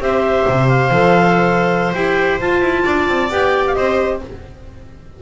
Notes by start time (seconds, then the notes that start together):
0.00 C4 G4 C5 E5
0.48 C3
0.68 F5
0.90 F3 A4
1.93 E4 G4 G5
2.40 F4 A5
2.61 E4
2.84 D4 D5
3.08 C4
3.30 B3 G4 G5
3.66 F5
3.74 C4 C5 D#5